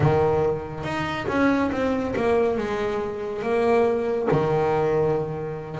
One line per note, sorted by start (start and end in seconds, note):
0.00 0.83 D#3
0.83 1.26 D#4
1.27 1.70 C#4
1.71 2.14 C4
2.16 2.57 A#3
2.57 3.42 G#3
3.42 4.28 A#3
4.31 5.80 D#3